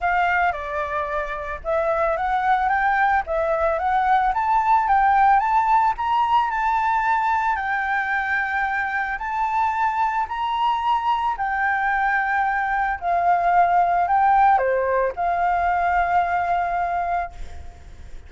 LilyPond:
\new Staff \with { instrumentName = "flute" } { \time 4/4 \tempo 4 = 111 f''4 d''2 e''4 | fis''4 g''4 e''4 fis''4 | a''4 g''4 a''4 ais''4 | a''2 g''2~ |
g''4 a''2 ais''4~ | ais''4 g''2. | f''2 g''4 c''4 | f''1 | }